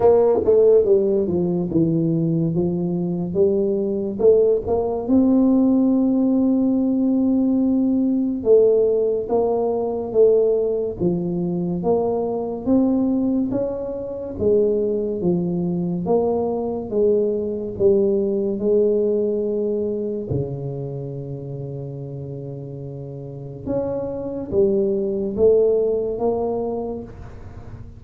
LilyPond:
\new Staff \with { instrumentName = "tuba" } { \time 4/4 \tempo 4 = 71 ais8 a8 g8 f8 e4 f4 | g4 a8 ais8 c'2~ | c'2 a4 ais4 | a4 f4 ais4 c'4 |
cis'4 gis4 f4 ais4 | gis4 g4 gis2 | cis1 | cis'4 g4 a4 ais4 | }